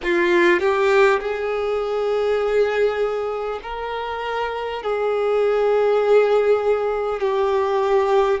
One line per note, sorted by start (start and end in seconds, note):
0.03 0.59 F4
0.59 1.19 G4
1.19 3.59 G#4
3.62 4.82 A#4
4.82 7.20 G#4
7.20 8.40 G4